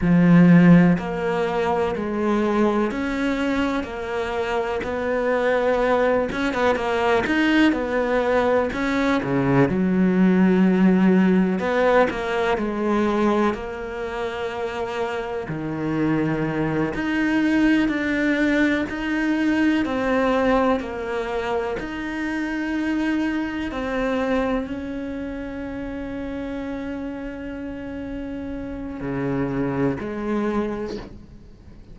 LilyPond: \new Staff \with { instrumentName = "cello" } { \time 4/4 \tempo 4 = 62 f4 ais4 gis4 cis'4 | ais4 b4. cis'16 b16 ais8 dis'8 | b4 cis'8 cis8 fis2 | b8 ais8 gis4 ais2 |
dis4. dis'4 d'4 dis'8~ | dis'8 c'4 ais4 dis'4.~ | dis'8 c'4 cis'2~ cis'8~ | cis'2 cis4 gis4 | }